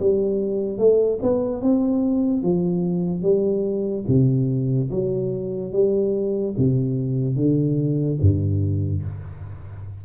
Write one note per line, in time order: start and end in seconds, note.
0.00 0.78 G3
0.78 1.20 A3
1.23 1.62 B3
1.62 2.43 C4
2.43 3.22 F3
3.22 4.05 G3
4.08 4.90 C3
4.91 5.73 F#3
5.73 6.55 G3
6.58 7.36 C3
7.36 8.18 D3
8.21 9.03 G2